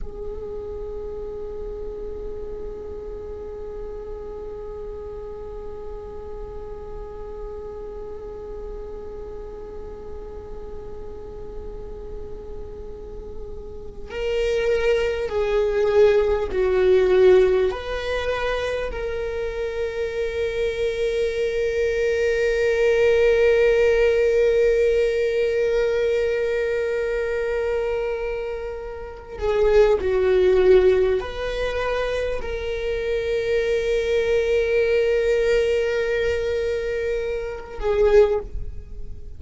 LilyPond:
\new Staff \with { instrumentName = "viola" } { \time 4/4 \tempo 4 = 50 gis'1~ | gis'1~ | gis'2.~ gis'8. ais'16~ | ais'8. gis'4 fis'4 b'4 ais'16~ |
ais'1~ | ais'1~ | ais'8 gis'8 fis'4 b'4 ais'4~ | ais'2.~ ais'8 gis'8 | }